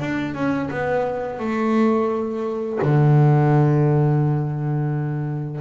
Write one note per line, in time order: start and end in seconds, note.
0.00 0.34 D4
0.34 0.69 C#4
0.70 1.39 B3
1.39 2.78 A3
2.82 5.61 D3